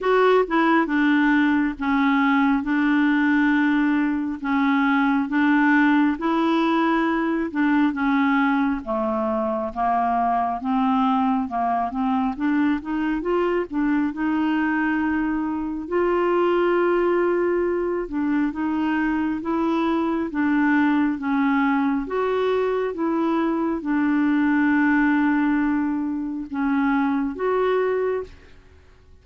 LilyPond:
\new Staff \with { instrumentName = "clarinet" } { \time 4/4 \tempo 4 = 68 fis'8 e'8 d'4 cis'4 d'4~ | d'4 cis'4 d'4 e'4~ | e'8 d'8 cis'4 a4 ais4 | c'4 ais8 c'8 d'8 dis'8 f'8 d'8 |
dis'2 f'2~ | f'8 d'8 dis'4 e'4 d'4 | cis'4 fis'4 e'4 d'4~ | d'2 cis'4 fis'4 | }